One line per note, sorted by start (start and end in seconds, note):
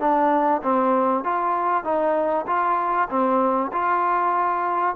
0.00 0.62 D4
0.63 1.24 C4
1.24 1.84 F4
1.84 2.46 D#4
2.47 3.09 F4
3.10 3.71 C4
3.73 4.96 F4